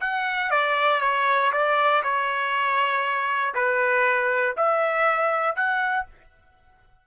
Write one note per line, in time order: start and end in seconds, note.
0.00 0.50 F#5
0.50 1.01 D5
1.01 1.51 C#5
1.52 2.02 D5
2.03 3.54 C#5
3.55 4.55 B4
4.56 5.56 E5
5.56 6.06 F#5